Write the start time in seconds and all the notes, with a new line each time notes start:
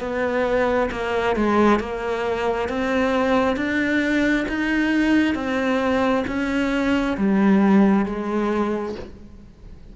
0.00 B3
0.91 A#3
1.36 G#3
1.80 A#3
2.69 C4
3.56 D4
4.48 D#4
5.35 C4
6.27 C#4
7.17 G3
8.06 G#3